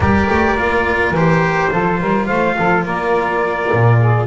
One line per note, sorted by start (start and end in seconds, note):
0.00 0.28 G3
0.00 0.57 G4
0.00 1.71 A#4
0.00 1.14 D5
0.29 0.57 A3
0.57 1.11 A#3
0.57 1.15 F4
1.11 1.68 E3
1.11 1.70 G4
1.11 2.26 C5
1.70 2.00 F3
1.70 4.27 F4
1.70 1.99 A4
2.00 2.28 G3
2.00 2.27 A#4
2.26 2.57 A3
2.26 2.55 C5
2.26 2.83 F5
2.57 2.85 F3
2.57 2.84 A4
2.84 3.70 A#3
2.84 3.98 A#4
2.84 4.27 D5
3.72 4.27 A#2
3.99 4.27 G#4